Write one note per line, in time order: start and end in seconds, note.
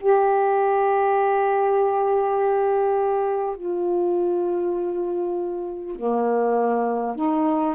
0.00 3.56 G4
3.56 5.96 F4
5.96 7.15 A#3
7.15 7.75 D#4